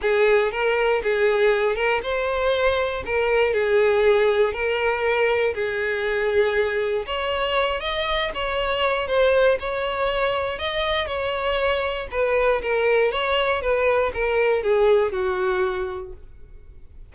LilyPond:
\new Staff \with { instrumentName = "violin" } { \time 4/4 \tempo 4 = 119 gis'4 ais'4 gis'4. ais'8 | c''2 ais'4 gis'4~ | gis'4 ais'2 gis'4~ | gis'2 cis''4. dis''8~ |
dis''8 cis''4. c''4 cis''4~ | cis''4 dis''4 cis''2 | b'4 ais'4 cis''4 b'4 | ais'4 gis'4 fis'2 | }